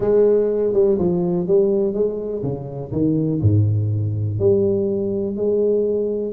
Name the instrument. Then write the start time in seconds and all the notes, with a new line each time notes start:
tuba
0.00 G#3
0.73 G3
0.98 F3
1.47 G3
1.93 G#3
2.42 C#3
2.92 D#3
3.41 G#2
4.39 G3
5.36 G#3